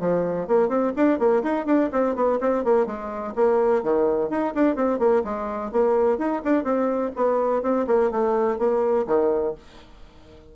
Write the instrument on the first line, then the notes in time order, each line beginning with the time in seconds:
bassoon
0.00 F3
0.47 A#3
0.69 C4
0.96 D4
1.19 A#3
1.43 D#4
1.66 D4
1.92 C4
2.15 B3
2.41 C4
2.65 A#3
2.87 G#3
3.35 A#3
3.83 D#3
4.30 D#4
4.55 D4
4.76 C4
4.99 A#3
5.24 G#3
5.72 A#3
6.18 D#4
6.45 D4
6.64 C4
7.16 B3
7.63 C4
7.87 A#3
8.11 A3
8.59 A#3
9.07 D#3